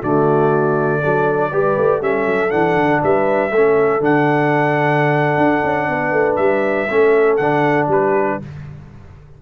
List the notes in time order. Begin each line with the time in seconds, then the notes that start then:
0.00 D3 A3 F#4 D5
0.99 F#3 D4 A4
1.51 G3 G4 B4
1.77 A3
2.01 G3 C#4 A4 E5
2.26 F#3
2.50 E3 D4 F#5
2.76 D3
3.03 G3 B4 E5
3.51 A3 C#4 A4
4.00 D3 D4 F#5
5.38 D4
5.63 C#4
5.89 B3 B4
6.12 A3
6.36 G3 E5
6.90 A3 C#4 A4
7.37 D3 D4 F#5
7.88 G3 G4 B4